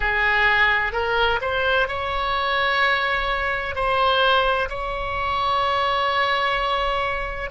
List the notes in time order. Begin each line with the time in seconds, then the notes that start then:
0.00 G#4
0.92 A#4
1.41 C5
1.87 C#5
3.75 C5
4.69 C#5